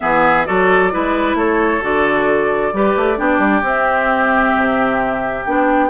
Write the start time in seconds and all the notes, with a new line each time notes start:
0.00 E3 B3 G#4 E5
0.45 F#3 F#4 A4 D5
0.91 G#3 E4 B4
1.34 A3 A4 C#5
1.81 D3 F#4 D5
2.72 G3 G4 B4
2.96 A3
3.16 B3 D4 G4
3.38 G3
3.62 C4 E5
4.56 C3
5.45 B3 D4 G5